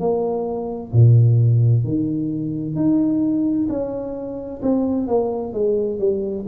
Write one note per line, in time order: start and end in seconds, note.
0.00 0.92 A#3
0.92 1.84 A#2
1.84 2.76 D#3
2.76 3.68 D#4
3.69 4.62 C#4
4.62 5.08 C4
5.08 5.53 A#3
5.53 6.00 G#3
6.00 6.46 G3